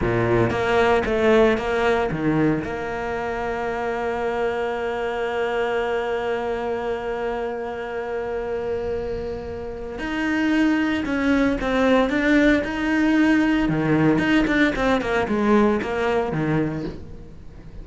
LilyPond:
\new Staff \with { instrumentName = "cello" } { \time 4/4 \tempo 4 = 114 ais,4 ais4 a4 ais4 | dis4 ais2.~ | ais1~ | ais1~ |
ais2. dis'4~ | dis'4 cis'4 c'4 d'4 | dis'2 dis4 dis'8 d'8 | c'8 ais8 gis4 ais4 dis4 | }